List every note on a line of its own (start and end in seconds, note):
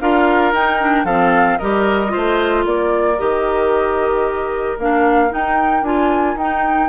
0.00 0.52 D4
0.00 0.54 F4
0.00 1.05 A#4
0.00 0.53 F5
0.52 1.04 D#4
0.52 0.80 D#4
0.52 1.06 G5
0.80 1.06 D4
1.04 1.57 F3
1.04 1.60 C4
1.04 1.58 A4
1.04 1.58 F5
1.58 2.15 G3
1.58 2.08 G4
1.58 2.12 A#4
1.58 2.64 D#5
2.08 3.14 F4
2.08 2.66 C5
2.15 2.65 A3
2.65 3.18 A#3
2.65 6.89 A#4
2.65 3.19 D5
3.18 4.78 D#3
3.18 4.77 G4
3.18 4.78 D#5
4.78 5.31 A#3
4.78 5.29 D4
4.78 5.33 F5
5.29 5.82 D#4
5.29 5.84 G5
5.82 6.35 D4
5.82 6.37 F4
5.82 6.37 G#5
6.35 6.88 D#4
6.35 6.89 D#4
6.35 6.89 G5